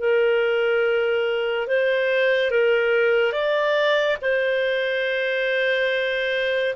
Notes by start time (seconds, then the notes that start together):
0.00 A#4
1.68 C5
2.51 A#4
3.33 D5
4.22 C5